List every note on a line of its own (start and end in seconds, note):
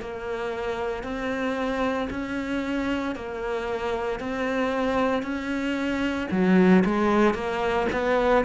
0.00 1.03 A#3
1.03 2.08 C4
2.10 3.15 C#4
3.15 4.20 A#3
4.20 5.22 C4
5.22 6.27 C#4
6.31 6.84 F#3
6.85 7.34 G#3
7.34 7.87 A#3
7.92 8.44 B3